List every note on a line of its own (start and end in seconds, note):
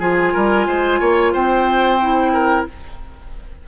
0.00 0.34 F3
0.00 2.00 F4
0.00 0.33 G#4
0.00 1.34 G#5
0.34 0.67 G3
0.34 0.67 A#4
0.67 1.00 G#3
0.67 1.00 C5
1.00 1.34 A#3
1.00 1.33 C#5
1.33 2.68 C4
1.33 2.33 C5
1.33 2.68 G5
2.01 2.68 E4
2.33 2.67 A#4